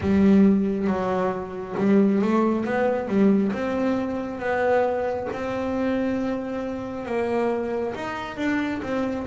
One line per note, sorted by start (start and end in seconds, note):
0.00 0.87 G3
0.87 1.75 F#3
1.77 2.21 G3
2.21 2.65 A3
2.65 3.08 B3
3.08 3.52 G3
3.52 4.39 C4
4.39 5.27 B3
5.32 7.05 C4
7.05 7.94 A#3
7.94 8.37 D#4
8.37 8.81 D4
8.82 9.26 C4